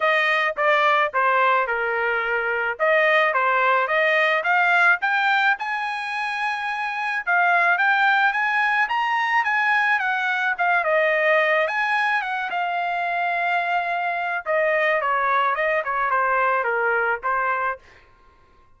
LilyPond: \new Staff \with { instrumentName = "trumpet" } { \time 4/4 \tempo 4 = 108 dis''4 d''4 c''4 ais'4~ | ais'4 dis''4 c''4 dis''4 | f''4 g''4 gis''2~ | gis''4 f''4 g''4 gis''4 |
ais''4 gis''4 fis''4 f''8 dis''8~ | dis''4 gis''4 fis''8 f''4.~ | f''2 dis''4 cis''4 | dis''8 cis''8 c''4 ais'4 c''4 | }